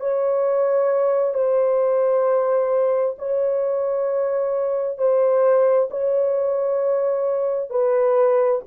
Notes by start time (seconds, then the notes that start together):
0.00 C#5
1.34 C5
3.19 C#5
4.98 C5
5.90 C#5
7.70 B4